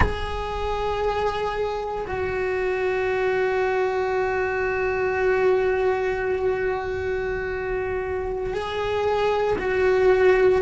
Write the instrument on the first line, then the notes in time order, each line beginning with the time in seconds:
cello
0.00 G#4
2.07 F#4
8.53 G#4
9.58 F#4